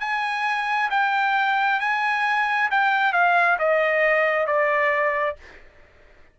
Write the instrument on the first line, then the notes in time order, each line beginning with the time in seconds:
trumpet
0.00 G#5
0.90 G5
1.80 G#5
2.71 G5
3.13 F5
3.59 D#5
4.47 D5